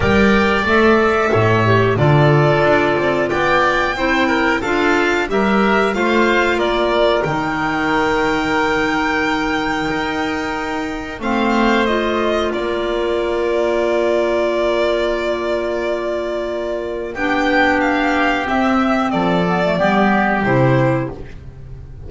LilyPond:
<<
  \new Staff \with { instrumentName = "violin" } { \time 4/4 \tempo 4 = 91 g''4 e''2 d''4~ | d''4 g''2 f''4 | e''4 f''4 d''4 g''4~ | g''1~ |
g''4 f''4 dis''4 d''4~ | d''1~ | d''2 g''4 f''4 | e''4 d''2 c''4 | }
  \new Staff \with { instrumentName = "oboe" } { \time 4/4 d''2 cis''4 a'4~ | a'4 d''4 c''8 ais'8 a'4 | ais'4 c''4 ais'2~ | ais'1~ |
ais'4 c''2 ais'4~ | ais'1~ | ais'2 g'2~ | g'4 a'4 g'2 | }
  \new Staff \with { instrumentName = "clarinet" } { \time 4/4 ais'4 a'4. g'8 f'4~ | f'2 e'4 f'4 | g'4 f'2 dis'4~ | dis'1~ |
dis'4 c'4 f'2~ | f'1~ | f'2 d'2 | c'4. b16 a16 b4 e'4 | }
  \new Staff \with { instrumentName = "double bass" } { \time 4/4 g4 a4 a,4 d4 | d'8 c'8 b4 c'4 d'4 | g4 a4 ais4 dis4~ | dis2. dis'4~ |
dis'4 a2 ais4~ | ais1~ | ais2 b2 | c'4 f4 g4 c4 | }
>>